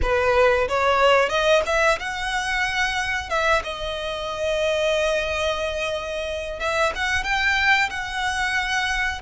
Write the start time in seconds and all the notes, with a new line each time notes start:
0.01 B4
0.68 C#5
1.29 D#5
1.65 E5
1.99 F#5
3.29 E5
3.63 D#5
6.59 E5
6.95 F#5
7.23 G5
7.89 F#5